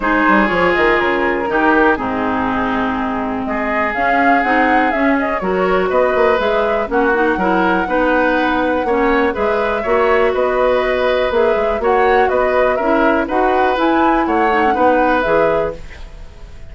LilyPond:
<<
  \new Staff \with { instrumentName = "flute" } { \time 4/4 \tempo 4 = 122 c''4 cis''8 dis''8 ais'2 | gis'2. dis''4 | f''4 fis''4 e''8 dis''8 cis''4 | dis''4 e''4 fis''2~ |
fis''2. e''4~ | e''4 dis''2 e''4 | fis''4 dis''4 e''4 fis''4 | gis''4 fis''2 e''4 | }
  \new Staff \with { instrumentName = "oboe" } { \time 4/4 gis'2. g'4 | dis'2. gis'4~ | gis'2. ais'4 | b'2 fis'4 ais'4 |
b'2 cis''4 b'4 | cis''4 b'2. | cis''4 b'4 ais'4 b'4~ | b'4 cis''4 b'2 | }
  \new Staff \with { instrumentName = "clarinet" } { \time 4/4 dis'4 f'2 dis'4 | c'1 | cis'4 dis'4 cis'4 fis'4~ | fis'4 gis'4 cis'8 dis'8 e'4 |
dis'2 cis'4 gis'4 | fis'2. gis'4 | fis'2 e'4 fis'4 | e'4. dis'16 cis'16 dis'4 gis'4 | }
  \new Staff \with { instrumentName = "bassoon" } { \time 4/4 gis8 g8 f8 dis8 cis4 dis4 | gis,2. gis4 | cis'4 c'4 cis'4 fis4 | b8 ais8 gis4 ais4 fis4 |
b2 ais4 gis4 | ais4 b2 ais8 gis8 | ais4 b4 cis'4 dis'4 | e'4 a4 b4 e4 | }
>>